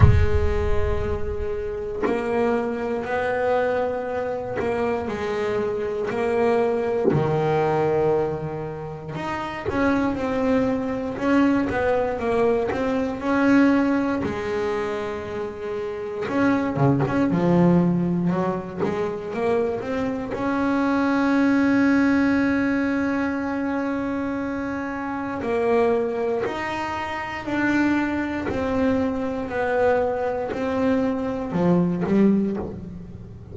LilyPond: \new Staff \with { instrumentName = "double bass" } { \time 4/4 \tempo 4 = 59 gis2 ais4 b4~ | b8 ais8 gis4 ais4 dis4~ | dis4 dis'8 cis'8 c'4 cis'8 b8 | ais8 c'8 cis'4 gis2 |
cis'8 cis16 cis'16 f4 fis8 gis8 ais8 c'8 | cis'1~ | cis'4 ais4 dis'4 d'4 | c'4 b4 c'4 f8 g8 | }